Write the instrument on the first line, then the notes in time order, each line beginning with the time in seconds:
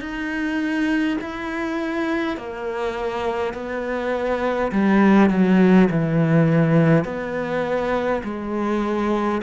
cello
0.00 D#4
1.21 E4
2.37 A#3
3.54 B3
4.72 G3
5.30 F#3
5.91 E3
7.04 B3
8.24 G#3